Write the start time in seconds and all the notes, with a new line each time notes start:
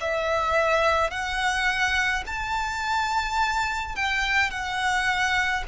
0.00 E5
1.10 F#5
2.26 A5
3.95 G5
4.50 F#5